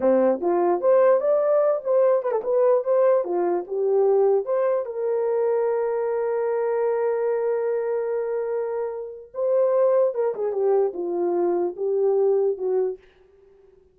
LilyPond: \new Staff \with { instrumentName = "horn" } { \time 4/4 \tempo 4 = 148 c'4 f'4 c''4 d''4~ | d''8 c''4 b'16 a'16 b'4 c''4 | f'4 g'2 c''4 | ais'1~ |
ais'1~ | ais'2. c''4~ | c''4 ais'8 gis'8 g'4 f'4~ | f'4 g'2 fis'4 | }